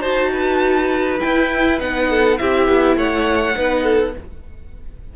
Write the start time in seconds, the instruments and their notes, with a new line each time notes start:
0.00 cello D#4, viola F#4, violin C5 A5
0.32 violin B4
1.19 viola E4, cello E4, violin G5
1.80 cello B3, viola D#4, violin F#5
2.10 violin A4
2.37 cello C4, viola E4, violin G4 E5
2.68 cello B3
2.96 cello A3, violin C#5 F#5
3.54 cello B3, viola D#4, violin B4
3.83 violin A4